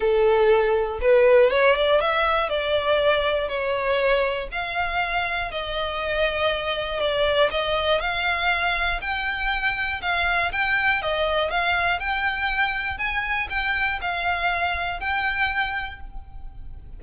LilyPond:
\new Staff \with { instrumentName = "violin" } { \time 4/4 \tempo 4 = 120 a'2 b'4 cis''8 d''8 | e''4 d''2 cis''4~ | cis''4 f''2 dis''4~ | dis''2 d''4 dis''4 |
f''2 g''2 | f''4 g''4 dis''4 f''4 | g''2 gis''4 g''4 | f''2 g''2 | }